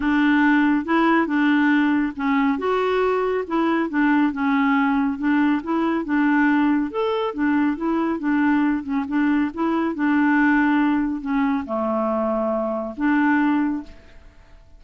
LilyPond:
\new Staff \with { instrumentName = "clarinet" } { \time 4/4 \tempo 4 = 139 d'2 e'4 d'4~ | d'4 cis'4 fis'2 | e'4 d'4 cis'2 | d'4 e'4 d'2 |
a'4 d'4 e'4 d'4~ | d'8 cis'8 d'4 e'4 d'4~ | d'2 cis'4 a4~ | a2 d'2 | }